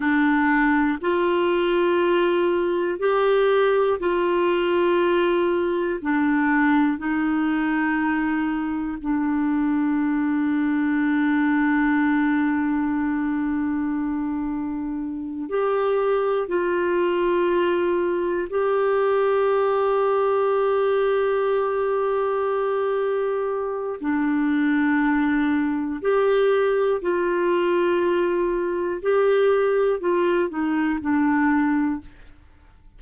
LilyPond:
\new Staff \with { instrumentName = "clarinet" } { \time 4/4 \tempo 4 = 60 d'4 f'2 g'4 | f'2 d'4 dis'4~ | dis'4 d'2.~ | d'2.~ d'8 g'8~ |
g'8 f'2 g'4.~ | g'1 | d'2 g'4 f'4~ | f'4 g'4 f'8 dis'8 d'4 | }